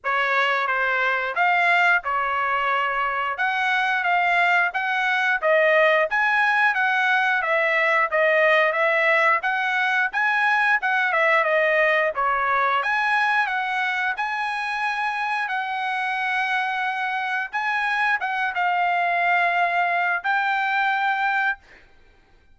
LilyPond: \new Staff \with { instrumentName = "trumpet" } { \time 4/4 \tempo 4 = 89 cis''4 c''4 f''4 cis''4~ | cis''4 fis''4 f''4 fis''4 | dis''4 gis''4 fis''4 e''4 | dis''4 e''4 fis''4 gis''4 |
fis''8 e''8 dis''4 cis''4 gis''4 | fis''4 gis''2 fis''4~ | fis''2 gis''4 fis''8 f''8~ | f''2 g''2 | }